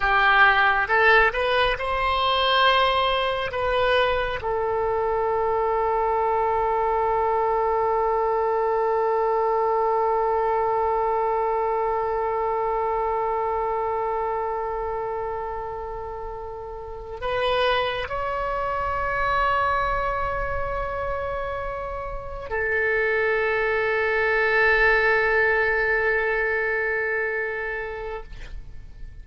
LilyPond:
\new Staff \with { instrumentName = "oboe" } { \time 4/4 \tempo 4 = 68 g'4 a'8 b'8 c''2 | b'4 a'2.~ | a'1~ | a'1~ |
a'2.~ a'8 b'8~ | b'8 cis''2.~ cis''8~ | cis''4. a'2~ a'8~ | a'1 | }